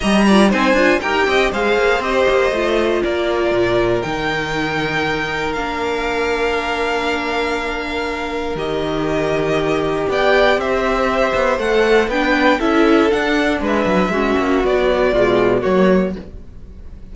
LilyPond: <<
  \new Staff \with { instrumentName = "violin" } { \time 4/4 \tempo 4 = 119 ais''4 gis''4 g''4 f''4 | dis''2 d''2 | g''2. f''4~ | f''1~ |
f''4 dis''2. | g''4 e''2 fis''4 | g''4 e''4 fis''4 e''4~ | e''4 d''2 cis''4 | }
  \new Staff \with { instrumentName = "violin" } { \time 4/4 dis''8 d''8 c''4 ais'8 dis''8 c''4~ | c''2 ais'2~ | ais'1~ | ais'1~ |
ais'1 | d''4 c''2. | b'4 a'2 b'4 | fis'2 f'4 fis'4 | }
  \new Staff \with { instrumentName = "viola" } { \time 4/4 g'8 f'8 dis'8 f'8 g'4 gis'4 | g'4 f'2. | dis'2. d'4~ | d'1~ |
d'4 g'2.~ | g'2. a'4 | d'4 e'4 d'2 | cis'4 fis4 gis4 ais4 | }
  \new Staff \with { instrumentName = "cello" } { \time 4/4 g4 c'8 d'8 dis'8 c'8 gis8 ais8 | c'8 ais8 a4 ais4 ais,4 | dis2. ais4~ | ais1~ |
ais4 dis2. | b4 c'4. b8 a4 | b4 cis'4 d'4 gis8 fis8 | gis8 ais8 b4 b,4 fis4 | }
>>